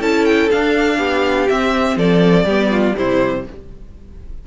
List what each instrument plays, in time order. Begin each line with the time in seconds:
0.00 cello C#4, viola E4, violin A4 A5
0.25 violin G5
0.51 viola D4, cello D4, violin F5
0.98 cello B3, violin G4
1.48 viola C4, cello C4, violin E5
1.96 cello F3, violin A4 D5
2.45 cello G3, viola B3, violin G4
2.71 violin F4
2.95 cello C3, viola G3, violin E4 C5